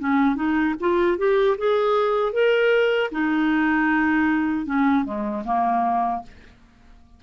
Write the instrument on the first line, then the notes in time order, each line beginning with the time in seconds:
clarinet
0.00 C#4
0.36 D#4
0.80 F4
1.18 G4
1.58 G#4
2.33 A#4
3.12 D#4
4.66 C#4
5.05 G#3
5.45 A#3